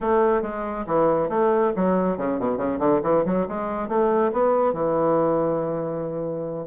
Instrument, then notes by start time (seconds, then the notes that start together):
bassoon
0.00 A3
0.42 G#3
0.86 E3
1.29 A3
1.75 F#3
2.17 C#3
2.39 B2
2.57 C#3
2.79 D3
3.02 E3
3.25 F#3
3.48 G#3
3.88 A3
4.32 B3
4.73 E3